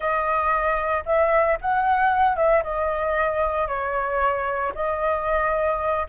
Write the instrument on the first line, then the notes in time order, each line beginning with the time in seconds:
flute
0.00 D#5
1.05 E5
1.61 F#5
2.36 E5
2.63 D#5
3.67 C#5
4.75 D#5